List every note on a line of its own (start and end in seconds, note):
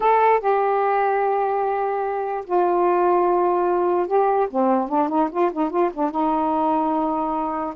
0.00 0.40 A4
0.40 2.44 G4
2.45 4.07 F4
4.07 4.48 G4
4.50 4.88 C4
4.88 5.09 D4
5.09 5.29 D#4
5.31 5.51 F4
5.52 5.69 D#4
5.69 5.90 F4
5.93 6.11 D4
6.11 7.74 D#4